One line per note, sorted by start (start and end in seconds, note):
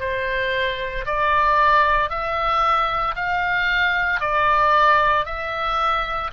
0.00 1.05 C5
1.06 2.10 D5
2.10 3.15 E5
3.15 4.20 F5
4.20 5.25 D5
5.25 6.31 E5